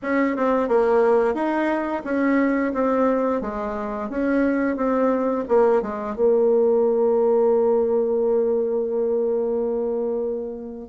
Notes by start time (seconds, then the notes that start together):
0.02 C#4
0.36 C4
0.68 A#3
1.34 D#4
2.04 C#4
2.73 C4
3.41 G#3
4.09 C#4
4.76 C4
5.48 A#3
5.81 G#3
6.15 A#3